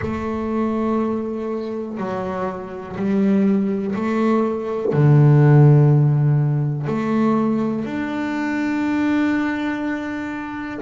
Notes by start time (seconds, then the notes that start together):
0.01 A3
1.97 F#3
2.96 G3
3.95 A3
4.92 D3
6.86 A3
7.85 D4